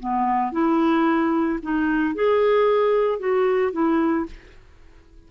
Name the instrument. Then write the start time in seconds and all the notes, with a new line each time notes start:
clarinet
0.00 B3
0.53 E4
1.63 D#4
2.15 G#4
3.19 F#4
3.73 E4